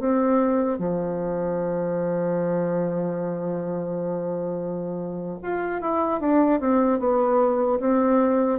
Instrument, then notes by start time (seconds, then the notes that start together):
bassoon
0.00 C4
0.79 F3
5.43 F4
5.81 E4
6.21 D4
6.60 C4
7.00 B3
7.80 C4